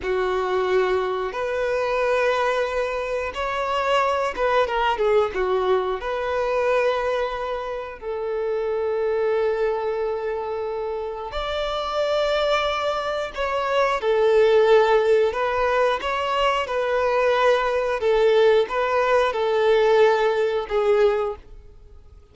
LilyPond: \new Staff \with { instrumentName = "violin" } { \time 4/4 \tempo 4 = 90 fis'2 b'2~ | b'4 cis''4. b'8 ais'8 gis'8 | fis'4 b'2. | a'1~ |
a'4 d''2. | cis''4 a'2 b'4 | cis''4 b'2 a'4 | b'4 a'2 gis'4 | }